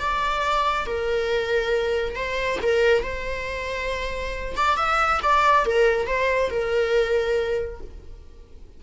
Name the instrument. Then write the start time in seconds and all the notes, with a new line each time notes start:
viola
0.00 D5
0.86 A#4
2.15 C5
2.62 A#4
3.03 C5
4.56 D5
4.77 E5
5.23 D5
5.65 A#4
6.07 C5
6.50 A#4